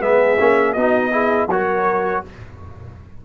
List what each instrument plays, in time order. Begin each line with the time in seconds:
0.00 tuba G#3, trombone B3, horn G#4, trumpet E5
0.40 tuba A#3, trombone C#4
0.73 tuba B3, trombone D#4, horn F#4, trumpet D#5
1.12 trombone E4, horn G#4
1.47 tuba F#3, trombone F#4, horn A#4, trumpet C#5